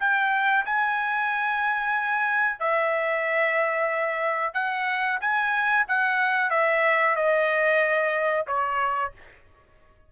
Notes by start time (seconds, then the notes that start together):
0.00 G5
0.66 G#5
2.59 E5
4.54 F#5
5.21 G#5
5.88 F#5
6.50 E5
7.16 D#5
8.47 C#5